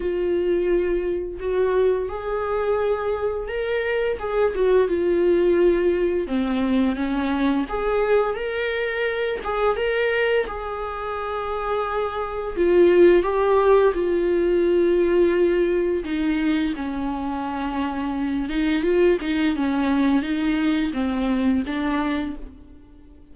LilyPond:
\new Staff \with { instrumentName = "viola" } { \time 4/4 \tempo 4 = 86 f'2 fis'4 gis'4~ | gis'4 ais'4 gis'8 fis'8 f'4~ | f'4 c'4 cis'4 gis'4 | ais'4. gis'8 ais'4 gis'4~ |
gis'2 f'4 g'4 | f'2. dis'4 | cis'2~ cis'8 dis'8 f'8 dis'8 | cis'4 dis'4 c'4 d'4 | }